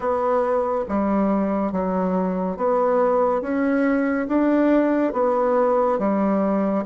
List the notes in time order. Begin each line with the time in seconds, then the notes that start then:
0.00 B3
0.88 G3
1.71 F#3
2.56 B3
3.41 C#4
4.27 D4
5.12 B3
5.98 G3